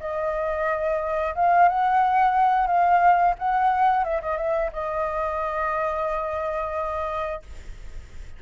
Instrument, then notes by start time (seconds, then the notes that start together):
flute
0.00 D#5
1.35 F5
1.69 F#5
2.67 F5
3.39 F#5
4.04 E5
4.22 D#5
4.38 E5
4.73 D#5